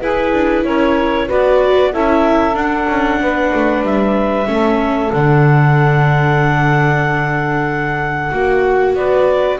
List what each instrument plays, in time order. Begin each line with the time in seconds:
0.00 viola E4, double bass E4, saxophone G#4, clarinet B4
0.33 double bass D4
0.64 double bass C#4, saxophone A#4, clarinet C#5
1.26 double bass B3, viola F#4, saxophone B4, clarinet D5
1.92 double bass C#4, viola E4, saxophone A4, clarinet E5
2.54 double bass D4, viola D4, clarinet F#5
2.88 double bass C#4
3.20 double bass B3, saxophone B4
3.54 double bass A3
3.82 double bass G3, clarinet E5
4.46 double bass A3, viola C#4, saxophone A4
5.12 double bass D3, viola D4, clarinet F#5
8.30 double bass A#3, viola F#4, saxophone F#4
8.94 double bass B3, saxophone B4, clarinet D5